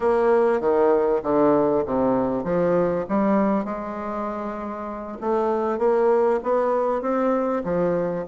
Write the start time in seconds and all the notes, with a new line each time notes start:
0.00 A#3
0.60 D#3
1.22 D3
1.85 C3
2.44 F3
3.08 G3
3.65 G#3
5.20 A3
5.78 A#3
6.43 B3
7.01 C4
7.64 F3